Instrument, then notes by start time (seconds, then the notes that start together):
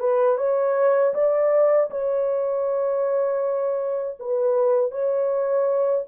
horn
0.00 B4
0.38 C#5
1.15 D5
1.91 C#5
4.20 B4
4.92 C#5